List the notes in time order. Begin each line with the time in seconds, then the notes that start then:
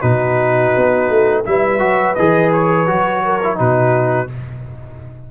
0.00 B2 D#4 F#4 B4
0.77 B3
1.10 A3
1.45 G3 E4 B4 E5
1.79 F#3 F#4
2.15 E3 G#4 D#5
2.53 C#5
2.87 F#3 F#4
3.25 A#4
3.44 E4
3.56 B2 D#4 F#4 B4